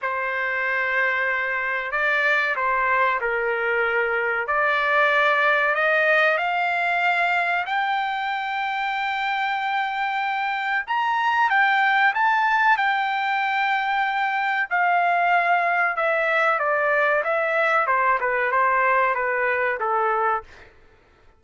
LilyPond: \new Staff \with { instrumentName = "trumpet" } { \time 4/4 \tempo 4 = 94 c''2. d''4 | c''4 ais'2 d''4~ | d''4 dis''4 f''2 | g''1~ |
g''4 ais''4 g''4 a''4 | g''2. f''4~ | f''4 e''4 d''4 e''4 | c''8 b'8 c''4 b'4 a'4 | }